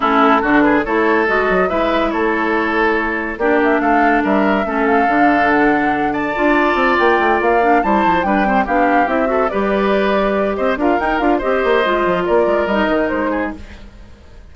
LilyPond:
<<
  \new Staff \with { instrumentName = "flute" } { \time 4/4 \tempo 4 = 142 a'4. b'8 cis''4 dis''4 | e''4 cis''2. | d''8 e''8 f''4 e''4. f''8~ | f''4 fis''4. a''4.~ |
a''8 g''4 f''4 a''4 g''8~ | g''8 f''4 e''4 d''4.~ | d''4 dis''8 f''8 g''8 f''8 dis''4~ | dis''4 d''4 dis''4 c''4 | }
  \new Staff \with { instrumentName = "oboe" } { \time 4/4 e'4 fis'8 gis'8 a'2 | b'4 a'2. | g'4 a'4 ais'4 a'4~ | a'2~ a'8 d''4.~ |
d''2~ d''8 c''4 b'8 | c''8 g'4. a'8 b'4.~ | b'4 c''8 ais'4. c''4~ | c''4 ais'2~ ais'8 gis'8 | }
  \new Staff \with { instrumentName = "clarinet" } { \time 4/4 cis'4 d'4 e'4 fis'4 | e'1 | d'2. cis'4 | d'2. f'4~ |
f'2 d'8 e'4 d'8 | c'8 d'4 e'8 fis'8 g'4.~ | g'4. f'8 dis'8 f'8 g'4 | f'2 dis'2 | }
  \new Staff \with { instrumentName = "bassoon" } { \time 4/4 a4 d4 a4 gis8 fis8 | gis4 a2. | ais4 a4 g4 a4 | d2. d'4 |
c'8 ais8 a8 ais4 g8 f8 g8~ | g8 b4 c'4 g4.~ | g4 c'8 d'8 dis'8 d'8 c'8 ais8 | gis8 f8 ais8 gis8 g8 dis8 gis4 | }
>>